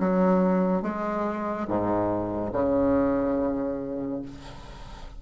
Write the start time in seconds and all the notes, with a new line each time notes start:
0.00 F#3
0.83 G#3
1.68 G#2
2.53 C#3